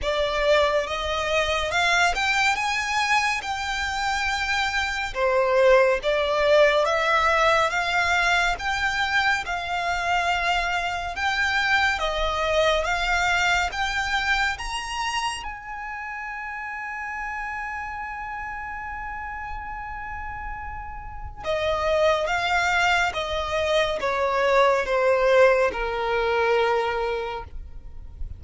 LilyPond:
\new Staff \with { instrumentName = "violin" } { \time 4/4 \tempo 4 = 70 d''4 dis''4 f''8 g''8 gis''4 | g''2 c''4 d''4 | e''4 f''4 g''4 f''4~ | f''4 g''4 dis''4 f''4 |
g''4 ais''4 gis''2~ | gis''1~ | gis''4 dis''4 f''4 dis''4 | cis''4 c''4 ais'2 | }